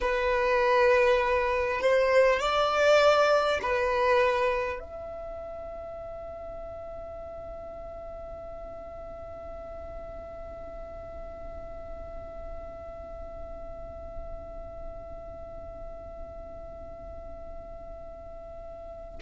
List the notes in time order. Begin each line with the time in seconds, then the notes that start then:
0.00 B4
1.81 C5
2.40 D5
3.62 B4
4.79 E5